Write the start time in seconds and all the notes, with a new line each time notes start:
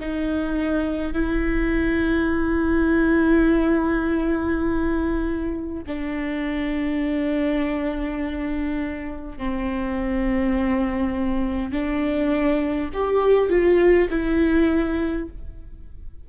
0.00 D#4
1.13 E4
5.87 D4
9.38 C4
11.72 D4
12.94 G4
13.50 F4
14.10 E4